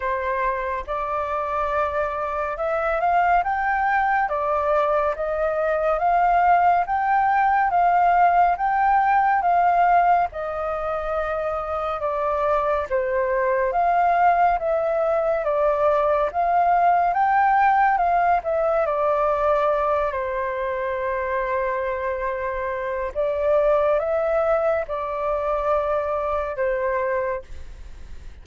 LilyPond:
\new Staff \with { instrumentName = "flute" } { \time 4/4 \tempo 4 = 70 c''4 d''2 e''8 f''8 | g''4 d''4 dis''4 f''4 | g''4 f''4 g''4 f''4 | dis''2 d''4 c''4 |
f''4 e''4 d''4 f''4 | g''4 f''8 e''8 d''4. c''8~ | c''2. d''4 | e''4 d''2 c''4 | }